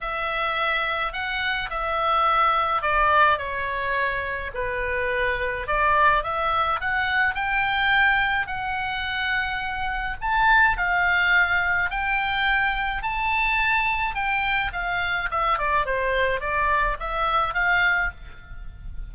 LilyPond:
\new Staff \with { instrumentName = "oboe" } { \time 4/4 \tempo 4 = 106 e''2 fis''4 e''4~ | e''4 d''4 cis''2 | b'2 d''4 e''4 | fis''4 g''2 fis''4~ |
fis''2 a''4 f''4~ | f''4 g''2 a''4~ | a''4 g''4 f''4 e''8 d''8 | c''4 d''4 e''4 f''4 | }